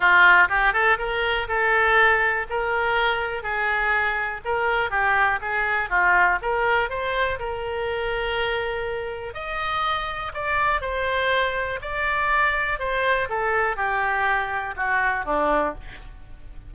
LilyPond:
\new Staff \with { instrumentName = "oboe" } { \time 4/4 \tempo 4 = 122 f'4 g'8 a'8 ais'4 a'4~ | a'4 ais'2 gis'4~ | gis'4 ais'4 g'4 gis'4 | f'4 ais'4 c''4 ais'4~ |
ais'2. dis''4~ | dis''4 d''4 c''2 | d''2 c''4 a'4 | g'2 fis'4 d'4 | }